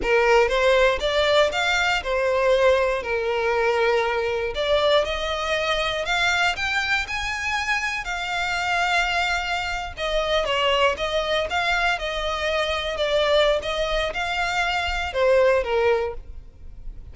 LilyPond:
\new Staff \with { instrumentName = "violin" } { \time 4/4 \tempo 4 = 119 ais'4 c''4 d''4 f''4 | c''2 ais'2~ | ais'4 d''4 dis''2 | f''4 g''4 gis''2 |
f''2.~ f''8. dis''16~ | dis''8. cis''4 dis''4 f''4 dis''16~ | dis''4.~ dis''16 d''4~ d''16 dis''4 | f''2 c''4 ais'4 | }